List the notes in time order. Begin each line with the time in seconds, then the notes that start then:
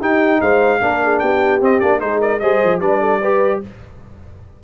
0.00 D#4 G4 G5
0.41 G#3 C5 F5
0.80 A#3 D4 A#4
1.03 G#4
1.19 B3 G4 G5
1.60 C4 D#5
1.80 A#3 D4 D5
1.99 G#3 D#4 G#4 C5
2.20 A#4 D5
2.39 G3 G#4 C5 D#5
2.64 F3
2.80 G3 D4 B4 D5
3.00 A4
3.21 G4 B4